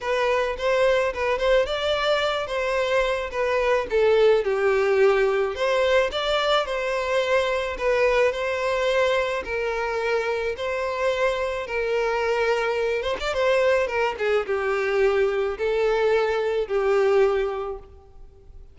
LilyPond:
\new Staff \with { instrumentName = "violin" } { \time 4/4 \tempo 4 = 108 b'4 c''4 b'8 c''8 d''4~ | d''8 c''4. b'4 a'4 | g'2 c''4 d''4 | c''2 b'4 c''4~ |
c''4 ais'2 c''4~ | c''4 ais'2~ ais'8 c''16 d''16 | c''4 ais'8 gis'8 g'2 | a'2 g'2 | }